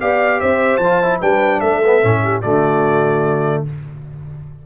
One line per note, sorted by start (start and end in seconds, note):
0.00 0.41 B3
0.00 0.81 G4
0.00 0.39 D5
0.00 0.40 F5
0.39 0.78 C4
0.39 1.20 C5
0.39 0.77 E5
0.77 1.19 F3
0.77 1.17 A5
0.84 1.03 F4
1.03 1.21 E4
1.20 1.62 G3
1.20 1.82 D4
1.20 1.59 B4
1.20 1.60 G5
1.59 2.03 A3
1.59 2.20 A4
1.59 2.41 E5
1.84 2.02 B3
2.02 2.44 A2
2.02 2.42 C#4
2.23 2.41 G4
2.41 3.65 D3
2.41 3.66 A3
2.41 3.63 F#4
2.41 3.63 D5